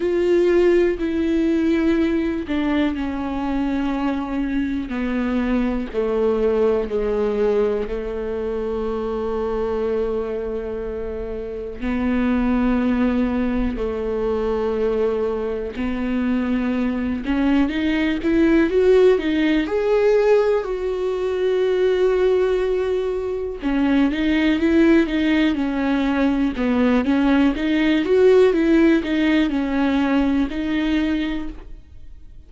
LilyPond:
\new Staff \with { instrumentName = "viola" } { \time 4/4 \tempo 4 = 61 f'4 e'4. d'8 cis'4~ | cis'4 b4 a4 gis4 | a1 | b2 a2 |
b4. cis'8 dis'8 e'8 fis'8 dis'8 | gis'4 fis'2. | cis'8 dis'8 e'8 dis'8 cis'4 b8 cis'8 | dis'8 fis'8 e'8 dis'8 cis'4 dis'4 | }